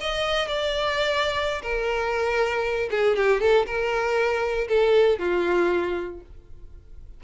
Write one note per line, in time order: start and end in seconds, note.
0.00 0.47 D#5
0.47 1.61 D5
1.62 2.89 A#4
2.90 3.16 G#4
3.16 3.40 G4
3.40 3.65 A4
3.66 4.67 A#4
4.68 5.18 A4
5.18 6.20 F4